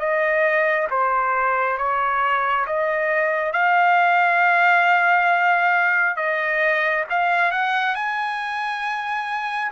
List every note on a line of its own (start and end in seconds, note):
0.00 0.88 D#5
0.91 1.78 C5
1.78 2.66 C#5
2.67 3.53 D#5
3.53 6.16 F5
6.16 7.05 D#5
7.10 7.52 F5
7.52 7.95 F#5
7.95 9.72 G#5